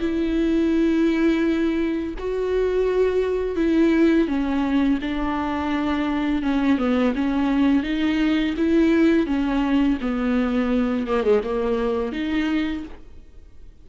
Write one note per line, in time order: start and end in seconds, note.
0.00 2.14 E4
2.18 3.56 F#4
3.56 4.27 E4
4.27 4.99 C#4
5.02 6.43 D4
6.43 6.78 C#4
6.78 7.14 B3
7.15 7.83 C#4
7.83 8.55 D#4
8.57 9.26 E4
9.26 9.98 C#4
10.01 11.07 B3
11.07 11.23 A#3
11.23 11.41 G#3
11.44 12.12 A#3
12.12 12.84 D#4